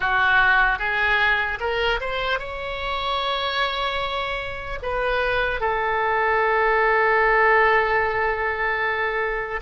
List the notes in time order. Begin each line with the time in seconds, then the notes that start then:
0.00 F#4
0.79 G#4
1.60 A#4
2.00 C5
2.39 C#5
4.82 B4
5.60 A4